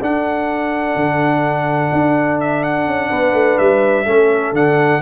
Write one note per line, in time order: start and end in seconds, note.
0.00 0.96 D4
0.00 4.06 D4
0.00 3.10 A4
0.00 2.40 F#5
0.96 1.91 D3
1.92 2.87 D4
2.40 2.63 E5
2.63 3.58 F#5
2.87 3.11 C#4
3.10 3.33 B3
3.10 4.05 B4
3.33 3.57 A3
3.58 4.06 G3
3.58 4.53 E5
4.06 4.52 A3
4.06 4.54 C#4
4.06 5.01 A4
4.52 5.00 D3
4.52 5.01 D4
4.52 5.01 F#5